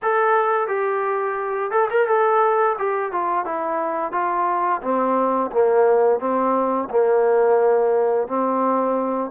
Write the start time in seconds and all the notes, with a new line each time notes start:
0.02 A4
0.67 G4
1.71 A4
1.90 A#4
2.07 A4
2.78 G4
3.12 F4
3.45 E4
4.12 F4
4.82 C4
5.51 A#3
6.19 C4
6.90 A#3
8.27 C4